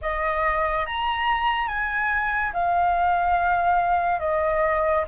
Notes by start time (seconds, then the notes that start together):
0.01 D#5
0.86 A#5
1.67 G#5
2.53 F5
4.19 D#5